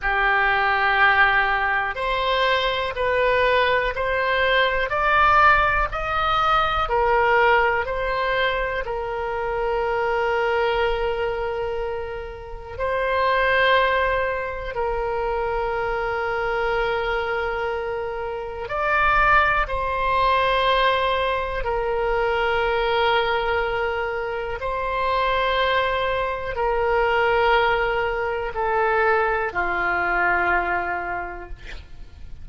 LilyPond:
\new Staff \with { instrumentName = "oboe" } { \time 4/4 \tempo 4 = 61 g'2 c''4 b'4 | c''4 d''4 dis''4 ais'4 | c''4 ais'2.~ | ais'4 c''2 ais'4~ |
ais'2. d''4 | c''2 ais'2~ | ais'4 c''2 ais'4~ | ais'4 a'4 f'2 | }